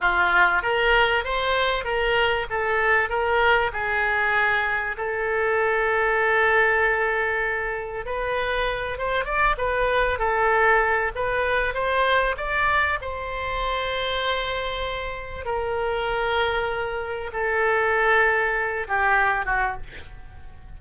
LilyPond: \new Staff \with { instrumentName = "oboe" } { \time 4/4 \tempo 4 = 97 f'4 ais'4 c''4 ais'4 | a'4 ais'4 gis'2 | a'1~ | a'4 b'4. c''8 d''8 b'8~ |
b'8 a'4. b'4 c''4 | d''4 c''2.~ | c''4 ais'2. | a'2~ a'8 g'4 fis'8 | }